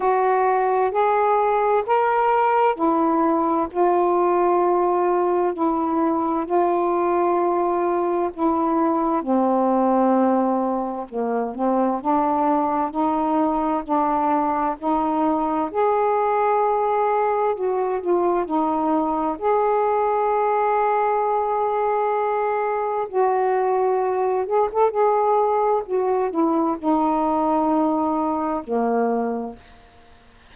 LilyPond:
\new Staff \with { instrumentName = "saxophone" } { \time 4/4 \tempo 4 = 65 fis'4 gis'4 ais'4 e'4 | f'2 e'4 f'4~ | f'4 e'4 c'2 | ais8 c'8 d'4 dis'4 d'4 |
dis'4 gis'2 fis'8 f'8 | dis'4 gis'2.~ | gis'4 fis'4. gis'16 a'16 gis'4 | fis'8 e'8 dis'2 ais4 | }